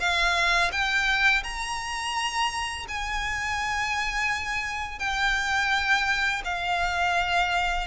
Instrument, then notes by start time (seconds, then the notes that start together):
violin
0.00 F5
0.72 G5
1.44 A#5
2.88 G#5
4.99 G5
6.45 F5